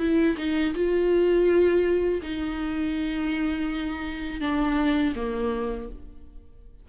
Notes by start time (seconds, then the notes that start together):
0.00 E4
0.38 D#4
0.75 F4
2.23 D#4
4.41 D4
5.16 A#3